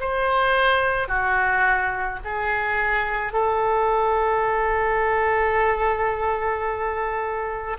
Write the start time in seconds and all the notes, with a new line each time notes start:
0.00 C5
1.08 F#4
2.24 G#4
3.33 A4